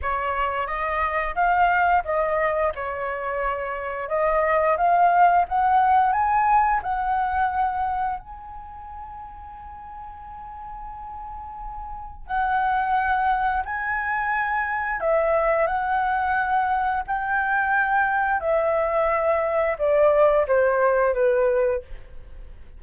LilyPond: \new Staff \with { instrumentName = "flute" } { \time 4/4 \tempo 4 = 88 cis''4 dis''4 f''4 dis''4 | cis''2 dis''4 f''4 | fis''4 gis''4 fis''2 | gis''1~ |
gis''2 fis''2 | gis''2 e''4 fis''4~ | fis''4 g''2 e''4~ | e''4 d''4 c''4 b'4 | }